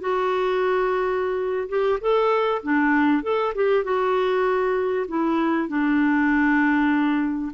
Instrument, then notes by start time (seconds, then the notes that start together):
clarinet
0.00 F#4
1.69 G4
2.01 A4
2.63 D4
3.23 A4
3.55 G4
3.84 F#4
5.08 E4
5.69 D4